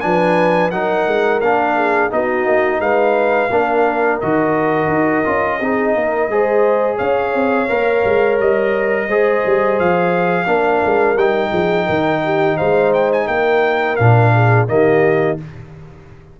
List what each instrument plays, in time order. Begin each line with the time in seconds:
0.00 tuba F3, trombone D4, horn B4, trumpet G#5
0.70 tuba F#3, trombone D#4, horn A#4, trumpet F#5
1.07 tuba G#3
1.41 tuba A#3, trombone D4, trumpet F5
1.77 horn G#4
2.10 tuba B3, trombone D#4, horn F#4, trumpet D#5
2.46 tuba A#3
2.80 tuba G#3, horn B4, trumpet F5
3.50 tuba A#3, trombone D4, horn A#4
4.20 tuba D#3, trombone F#4, trumpet D#5
4.88 tuba D#4
5.24 tuba C#4, trombone F4
5.60 tuba C4, trombone D#4, horn G#4
5.94 tuba A#3, horn A#4
6.28 tuba G#3, trombone G#4, horn C5
6.96 tuba C#4, horn C#5, trumpet F5
7.34 tuba C4
7.68 tuba A#3, trombone A#4
8.04 tuba G#3
8.39 tuba G3, trumpet D#5
9.07 tuba G#3, trombone G#4, horn C5
9.45 tuba G3
9.79 tuba F3, trumpet F5
10.45 tuba A#3, trombone D4, horn A#4
10.85 tuba G#3
11.15 tuba G3, trombone D#4, trumpet G5
11.50 tuba F3, horn G#4
11.85 tuba D#3, horn A#4
12.24 horn G4
12.56 tuba G#3, horn C5, trumpet F5
12.93 trumpet G5
13.12 trumpet G#5
13.27 tuba A#3, horn A#4, trumpet G5
13.96 tuba A#2, trombone D4, trumpet F5
14.33 horn G#4
14.67 tuba D#3, trombone A#3, horn G4, trumpet D#5